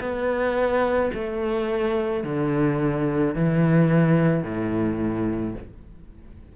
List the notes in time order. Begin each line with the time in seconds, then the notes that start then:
0.00 B3
1.14 A3
2.23 D3
3.34 E3
4.43 A2